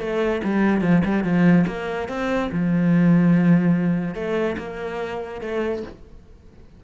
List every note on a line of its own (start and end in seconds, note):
0.00 0.42 A3
0.44 0.82 G3
0.82 1.03 F3
1.05 1.24 G3
1.24 1.66 F3
1.67 2.09 A#3
2.09 2.51 C4
2.52 4.15 F3
4.15 4.57 A3
4.58 5.41 A#3
5.41 5.83 A3